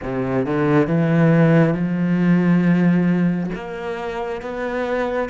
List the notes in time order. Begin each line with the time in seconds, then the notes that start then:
0.02 C3
0.46 D3
0.87 E3
1.74 F3
3.55 A#3
4.41 B3